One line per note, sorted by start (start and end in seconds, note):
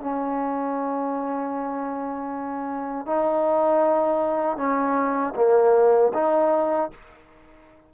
0.00 3.06 C#4
3.06 4.57 D#4
4.57 5.34 C#4
5.35 6.12 A#3
6.13 6.90 D#4